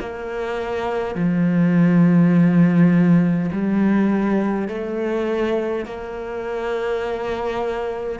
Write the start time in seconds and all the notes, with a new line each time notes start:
0.00 A#3
1.15 F3
3.52 G3
4.68 A3
5.86 A#3